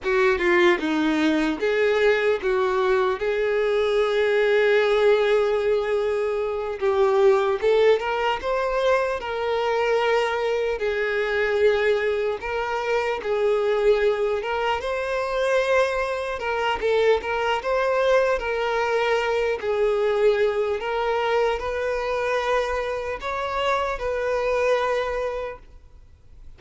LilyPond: \new Staff \with { instrumentName = "violin" } { \time 4/4 \tempo 4 = 75 fis'8 f'8 dis'4 gis'4 fis'4 | gis'1~ | gis'8 g'4 a'8 ais'8 c''4 ais'8~ | ais'4. gis'2 ais'8~ |
ais'8 gis'4. ais'8 c''4.~ | c''8 ais'8 a'8 ais'8 c''4 ais'4~ | ais'8 gis'4. ais'4 b'4~ | b'4 cis''4 b'2 | }